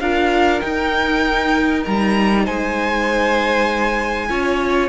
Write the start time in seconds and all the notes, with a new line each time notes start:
0.00 D4 F4 A#4 F5
0.61 D#4 G5
1.85 G3 A#5
2.44 G#3 C5 G#5
4.30 C#4 F4 C#5